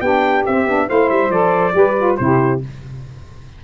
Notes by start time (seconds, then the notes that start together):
0.00 B3 D4 G4 G5
0.46 C4 E5
0.67 B3 D4
0.88 A3 E4 C5 F5
1.10 G3 E5
1.30 F3 A4 D5
1.72 G3 G4 B4
1.98 F4
2.17 C3 E4 G4 C5